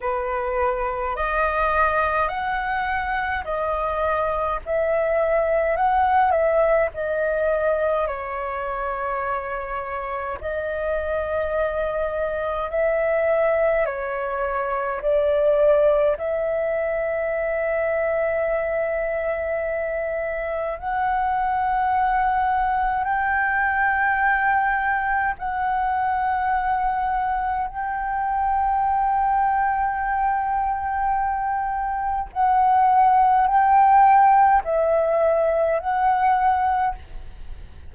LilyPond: \new Staff \with { instrumentName = "flute" } { \time 4/4 \tempo 4 = 52 b'4 dis''4 fis''4 dis''4 | e''4 fis''8 e''8 dis''4 cis''4~ | cis''4 dis''2 e''4 | cis''4 d''4 e''2~ |
e''2 fis''2 | g''2 fis''2 | g''1 | fis''4 g''4 e''4 fis''4 | }